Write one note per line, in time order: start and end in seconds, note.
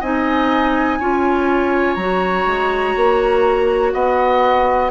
0.00 1.00 C4
0.00 1.01 D#4
0.00 0.98 D#5
0.00 1.94 G#5
1.00 1.96 C#4
1.00 1.99 F4
1.00 3.93 C#5
1.94 2.45 F#3
1.94 4.91 F#4
1.94 3.91 A#5
2.46 2.95 G#3
2.96 3.94 A#3
3.93 4.91 B3
3.93 4.91 D#5
3.93 4.91 F#5